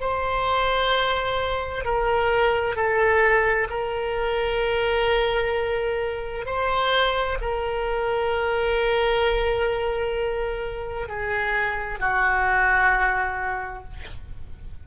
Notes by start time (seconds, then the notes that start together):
0.00 C5
1.84 A#4
2.75 A4
3.70 A#4
6.45 C5
7.41 A#4
11.08 G#4
11.99 F#4